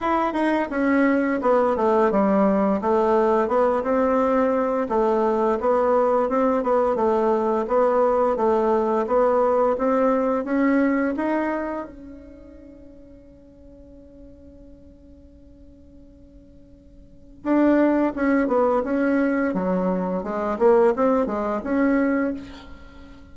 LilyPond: \new Staff \with { instrumentName = "bassoon" } { \time 4/4 \tempo 4 = 86 e'8 dis'8 cis'4 b8 a8 g4 | a4 b8 c'4. a4 | b4 c'8 b8 a4 b4 | a4 b4 c'4 cis'4 |
dis'4 cis'2.~ | cis'1~ | cis'4 d'4 cis'8 b8 cis'4 | fis4 gis8 ais8 c'8 gis8 cis'4 | }